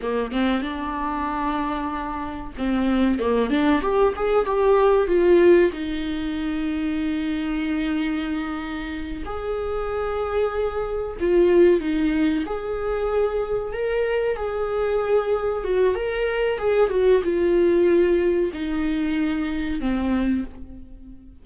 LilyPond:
\new Staff \with { instrumentName = "viola" } { \time 4/4 \tempo 4 = 94 ais8 c'8 d'2. | c'4 ais8 d'8 g'8 gis'8 g'4 | f'4 dis'2.~ | dis'2~ dis'8 gis'4.~ |
gis'4. f'4 dis'4 gis'8~ | gis'4. ais'4 gis'4.~ | gis'8 fis'8 ais'4 gis'8 fis'8 f'4~ | f'4 dis'2 c'4 | }